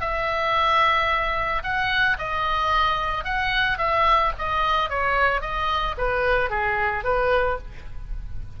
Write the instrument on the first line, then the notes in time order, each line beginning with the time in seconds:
oboe
0.00 E5
1.63 F#5
2.18 D#5
3.24 F#5
3.78 E5
4.38 D#5
4.89 C#5
5.41 D#5
5.97 B4
6.50 G#4
7.04 B4